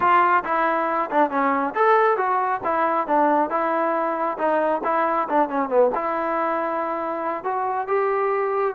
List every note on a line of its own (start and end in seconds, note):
0.00 0.43 F4
0.44 1.09 E4
1.11 1.30 D4
1.30 1.74 C#4
1.74 2.17 A4
2.17 2.61 F#4
2.64 3.07 E4
3.07 3.49 D4
3.49 4.37 E4
4.38 4.81 D#4
4.84 5.28 E4
5.29 5.49 D4
5.49 5.69 C#4
5.69 5.90 B3
5.94 7.44 E4
7.44 7.87 F#4
7.87 8.75 G4